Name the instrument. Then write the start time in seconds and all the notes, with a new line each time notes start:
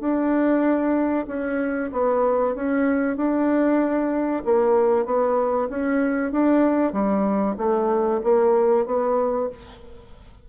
bassoon
0.00 D4
1.28 C#4
1.93 B3
2.56 C#4
3.17 D4
4.45 A#3
5.06 B3
5.70 C#4
6.32 D4
6.93 G3
7.58 A3
8.24 A#3
8.86 B3